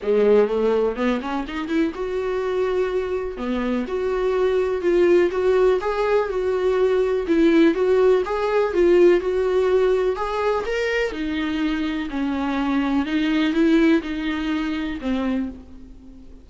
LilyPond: \new Staff \with { instrumentName = "viola" } { \time 4/4 \tempo 4 = 124 gis4 a4 b8 cis'8 dis'8 e'8 | fis'2. b4 | fis'2 f'4 fis'4 | gis'4 fis'2 e'4 |
fis'4 gis'4 f'4 fis'4~ | fis'4 gis'4 ais'4 dis'4~ | dis'4 cis'2 dis'4 | e'4 dis'2 c'4 | }